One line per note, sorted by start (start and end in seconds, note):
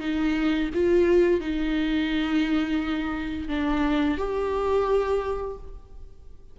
0.00 0.70 D#4
0.74 1.40 F4
1.40 3.48 D#4
3.48 4.18 D4
4.18 5.57 G4